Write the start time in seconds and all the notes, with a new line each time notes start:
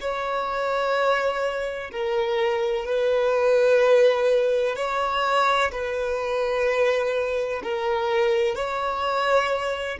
0.00 C#5
1.91 A#4
2.85 B4
4.76 C#5
5.71 B4
7.63 A#4
8.55 C#5